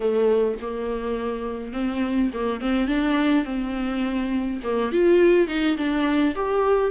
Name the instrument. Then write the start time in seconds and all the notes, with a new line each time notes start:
viola
0.00 A3
0.61 A#3
1.73 C4
2.33 A#3
2.60 C4
2.87 D4
3.44 C4
4.63 A#3
4.91 F4
5.47 D#4
5.77 D4
6.35 G4